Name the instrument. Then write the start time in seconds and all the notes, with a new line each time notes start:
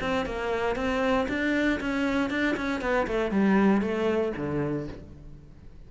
cello
0.00 C4
0.25 A#3
0.75 C4
1.28 D4
1.80 C#4
2.30 D4
2.56 C#4
2.81 B3
3.07 A3
3.31 G3
3.81 A3
4.36 D3